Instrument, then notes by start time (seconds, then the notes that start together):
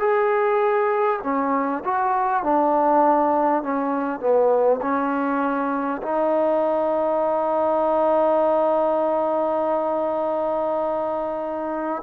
trombone
0.00 G#4
1.23 C#4
1.85 F#4
2.43 D4
3.63 C#4
4.20 B3
4.82 C#4
6.03 D#4